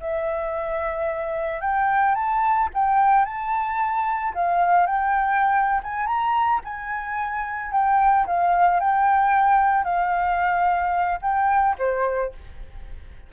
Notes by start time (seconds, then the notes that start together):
0.00 E5
1.61 G5
2.15 A5
2.74 G5
3.25 A5
4.34 F5
4.87 G5
5.83 G#5
6.07 A#5
6.65 G#5
7.72 G5
8.27 F5
8.80 G5
9.84 F5
11.22 G5
11.79 C5